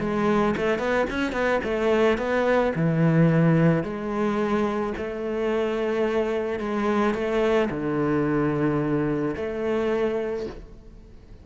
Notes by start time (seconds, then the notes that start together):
0.00 G#3
0.57 A3
0.79 B3
1.10 C#4
1.32 B3
1.64 A3
2.18 B3
2.75 E3
3.83 G#3
4.97 A3
6.59 G#3
7.14 A3
7.70 D3
9.36 A3